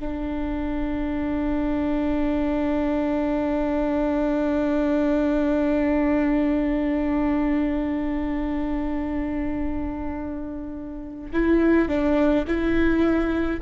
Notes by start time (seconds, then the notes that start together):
0.00 D4
11.33 E4
11.89 D4
12.47 E4